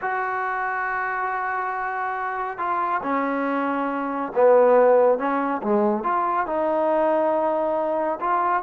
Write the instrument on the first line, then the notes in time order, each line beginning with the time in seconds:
trombone
0.01 F#4
2.58 F4
3.02 C#4
4.35 B3
5.18 C#4
5.62 G#3
6.03 F4
6.46 D#4
8.20 F4